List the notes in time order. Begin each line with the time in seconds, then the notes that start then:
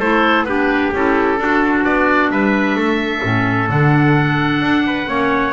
0.00 A3 E4 A4 C5
0.44 B3 D4 G4 B4
0.94 C#4 E4 A4
1.38 D4 F#4
1.85 B3 D5
2.31 G3 B4 E5
2.76 A3 A4
3.23 A2 C#4
3.70 D3 D4 F#5
4.61 D4
4.87 B4
5.07 A#3 C#4 C#5